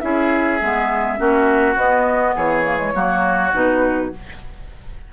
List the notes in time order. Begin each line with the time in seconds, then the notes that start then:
0.00 C#4 E4 G#4 E5
0.61 G#3 B3
1.17 A#3 C#4 F#4
1.76 B3 D#5
2.35 E3 G#4 C#5
2.65 A#3
2.78 G#3
2.94 F#3 A#3 F#4
3.53 B2 D#4 B4